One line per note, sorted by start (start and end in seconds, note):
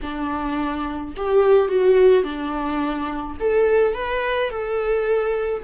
0.02 1.15 D4
1.16 1.68 G4
1.68 2.23 F#4
2.23 3.36 D4
3.39 3.94 A4
3.94 4.50 B4
4.50 5.63 A4